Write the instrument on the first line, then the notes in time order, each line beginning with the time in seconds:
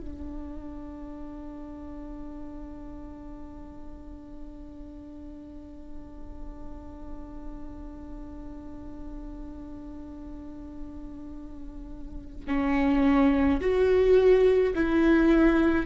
viola
0.00 D4
12.47 C#4
13.61 F#4
14.74 E4